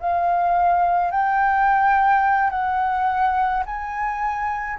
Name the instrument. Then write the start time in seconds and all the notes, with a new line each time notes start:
flute
0.00 F5
1.12 G5
2.51 F#5
3.66 G#5